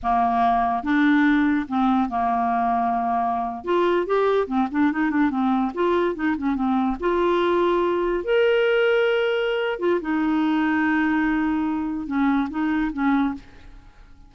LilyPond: \new Staff \with { instrumentName = "clarinet" } { \time 4/4 \tempo 4 = 144 ais2 d'2 | c'4 ais2.~ | ais8. f'4 g'4 c'8 d'8 dis'16~ | dis'16 d'8 c'4 f'4 dis'8 cis'8 c'16~ |
c'8. f'2. ais'16~ | ais'2.~ ais'8 f'8 | dis'1~ | dis'4 cis'4 dis'4 cis'4 | }